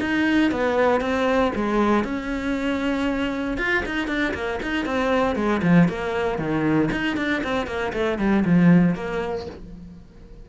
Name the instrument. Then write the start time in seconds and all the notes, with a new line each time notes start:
cello
0.00 D#4
0.52 B3
1.01 C4
1.55 G#3
2.04 C#4
3.58 F4
3.86 D#4
4.08 D4
4.34 A#3
4.62 D#4
4.86 C4
5.36 G#3
5.63 F3
5.89 A#3
6.38 D#3
6.92 D#4
7.17 D4
7.44 C4
7.67 A#3
7.93 A3
8.18 G3
8.45 F3
8.95 A#3